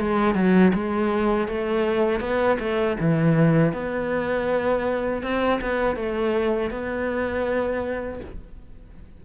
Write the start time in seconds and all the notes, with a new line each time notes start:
0.00 G#3
0.35 F#3
0.74 G#3
1.48 A3
2.21 B3
2.59 A3
3.00 E3
3.73 B3
5.23 C4
5.61 B3
5.96 A3
6.71 B3